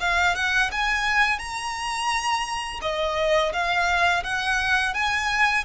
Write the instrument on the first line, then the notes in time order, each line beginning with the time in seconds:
violin
0.00 F5
0.35 F#5
0.72 G#5
1.39 A#5
2.82 D#5
3.53 F5
4.24 F#5
4.94 G#5